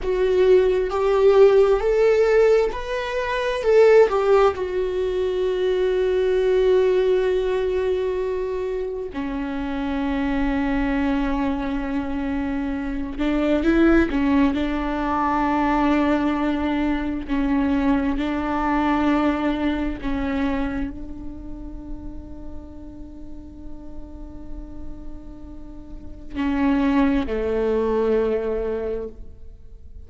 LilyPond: \new Staff \with { instrumentName = "viola" } { \time 4/4 \tempo 4 = 66 fis'4 g'4 a'4 b'4 | a'8 g'8 fis'2.~ | fis'2 cis'2~ | cis'2~ cis'8 d'8 e'8 cis'8 |
d'2. cis'4 | d'2 cis'4 d'4~ | d'1~ | d'4 cis'4 a2 | }